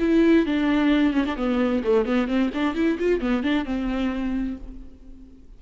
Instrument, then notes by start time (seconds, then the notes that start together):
viola
0.00 E4
0.46 D4
1.13 C#4
1.26 D4
1.37 B3
1.84 A3
2.06 B3
2.28 C4
2.54 D4
2.75 E4
3.00 F4
3.21 B3
3.44 D4
3.65 C4